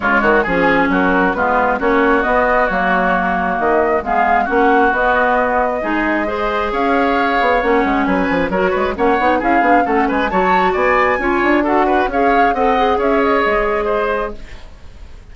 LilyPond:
<<
  \new Staff \with { instrumentName = "flute" } { \time 4/4 \tempo 4 = 134 cis''4 gis'4 ais'4 b'4 | cis''4 dis''4 cis''2 | dis''4 f''4 fis''4 dis''4~ | dis''2. f''4~ |
f''4 fis''4 gis''4 cis''4 | fis''4 f''4 fis''8 gis''8 a''4 | gis''2 fis''4 f''4 | fis''4 e''8 dis''2~ dis''8 | }
  \new Staff \with { instrumentName = "oboe" } { \time 4/4 f'8 fis'8 gis'4 fis'4 f'4 | fis'1~ | fis'4 gis'4 fis'2~ | fis'4 gis'4 c''4 cis''4~ |
cis''2 b'4 ais'8 b'8 | cis''4 gis'4 a'8 b'8 cis''4 | d''4 cis''4 a'8 b'8 cis''4 | dis''4 cis''2 c''4 | }
  \new Staff \with { instrumentName = "clarinet" } { \time 4/4 gis4 cis'2 b4 | cis'4 b4 ais2~ | ais4 b4 cis'4 b4~ | b4 dis'4 gis'2~ |
gis'4 cis'2 fis'4 | cis'8 dis'8 e'8 d'8 cis'4 fis'4~ | fis'4 f'4 fis'4 gis'4 | a'8 gis'2.~ gis'8 | }
  \new Staff \with { instrumentName = "bassoon" } { \time 4/4 cis8 dis8 f4 fis4 gis4 | ais4 b4 fis2 | dis4 gis4 ais4 b4~ | b4 gis2 cis'4~ |
cis'8 b8 ais8 gis8 fis8 f8 fis8 gis8 | ais8 b8 cis'8 b8 a8 gis8 fis4 | b4 cis'8 d'4. cis'4 | c'4 cis'4 gis2 | }
>>